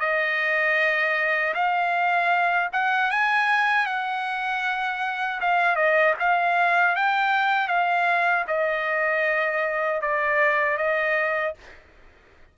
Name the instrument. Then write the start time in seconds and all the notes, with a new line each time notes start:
trumpet
0.00 D#5
1.55 F5
2.73 F#5
3.11 G#5
3.87 F#5
5.41 F5
5.76 D#5
6.20 F5
6.96 G5
7.68 F5
8.48 D#5
10.02 D5
10.78 D#5